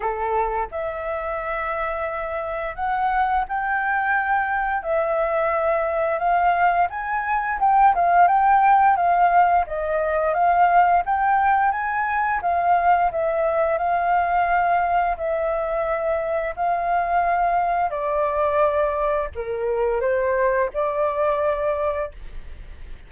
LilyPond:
\new Staff \with { instrumentName = "flute" } { \time 4/4 \tempo 4 = 87 a'4 e''2. | fis''4 g''2 e''4~ | e''4 f''4 gis''4 g''8 f''8 | g''4 f''4 dis''4 f''4 |
g''4 gis''4 f''4 e''4 | f''2 e''2 | f''2 d''2 | ais'4 c''4 d''2 | }